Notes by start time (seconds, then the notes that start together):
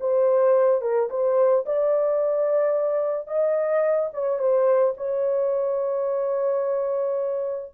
0.00 C5
0.81 A#4
1.10 C5
1.65 D5
3.27 D#5
4.13 C#5
4.38 C5
4.96 C#5